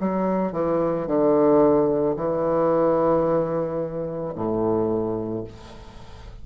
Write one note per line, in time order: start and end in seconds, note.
0.00 0.53 F#3
0.53 1.07 E3
1.07 2.16 D3
2.16 4.34 E3
4.35 5.44 A2